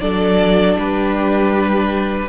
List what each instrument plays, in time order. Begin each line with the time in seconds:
0.00 cello F#3, viola D4, violin A4 D5
0.76 cello G3, violin G4 B4